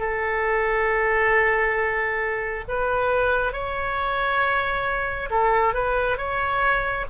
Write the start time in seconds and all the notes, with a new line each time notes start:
0.00 A4
2.69 B4
3.53 C#5
5.31 A4
5.74 B4
6.18 C#5